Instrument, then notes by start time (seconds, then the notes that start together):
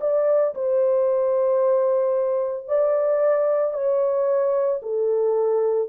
horn
0.00 D5
0.54 C5
2.67 D5
3.73 C#5
4.82 A4